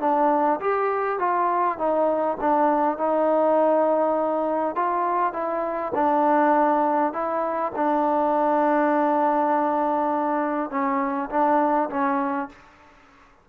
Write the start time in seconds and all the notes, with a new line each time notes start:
0.00 D4
0.60 G4
1.19 F4
1.78 D#4
2.40 D4
2.98 D#4
4.75 F4
5.33 E4
5.94 D4
7.13 E4
7.75 D4
10.70 C#4
11.30 D4
11.89 C#4